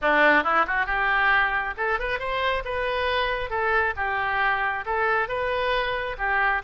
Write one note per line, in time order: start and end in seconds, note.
0.01 0.43 D4
0.43 0.65 E4
0.67 0.86 F#4
0.86 1.74 G4
1.77 1.99 A4
1.99 2.19 B4
2.19 2.63 C5
2.64 3.50 B4
3.50 3.94 A4
3.96 4.84 G4
4.85 5.28 A4
5.28 6.16 B4
6.18 6.62 G4